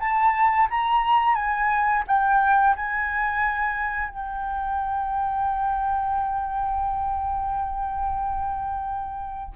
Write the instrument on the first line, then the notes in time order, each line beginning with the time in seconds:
flute
0.00 A5
0.70 A#5
1.35 G#5
2.07 G5
2.76 G#5
4.08 G5